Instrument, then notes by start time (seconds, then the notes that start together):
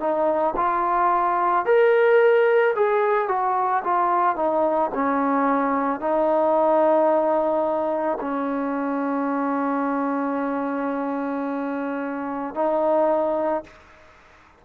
trombone
0.00 D#4
0.57 F4
1.66 A#4
2.76 G#4
3.29 F#4
3.85 F4
4.36 D#4
4.95 C#4
6.00 D#4
8.21 C#4
12.55 D#4